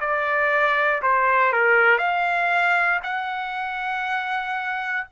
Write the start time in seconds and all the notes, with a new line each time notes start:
0.00 D5
1.02 C5
1.53 A#4
1.98 F5
3.03 F#5